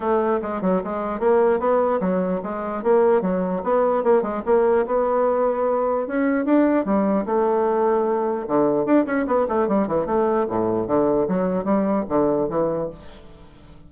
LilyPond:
\new Staff \with { instrumentName = "bassoon" } { \time 4/4 \tempo 4 = 149 a4 gis8 fis8 gis4 ais4 | b4 fis4 gis4 ais4 | fis4 b4 ais8 gis8 ais4 | b2. cis'4 |
d'4 g4 a2~ | a4 d4 d'8 cis'8 b8 a8 | g8 e8 a4 a,4 d4 | fis4 g4 d4 e4 | }